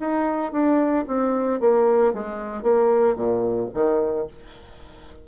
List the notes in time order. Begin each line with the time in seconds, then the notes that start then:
0.00 D#4
0.52 D4
1.08 C4
1.61 A#3
2.14 G#3
2.63 A#3
3.16 A#2
3.74 D#3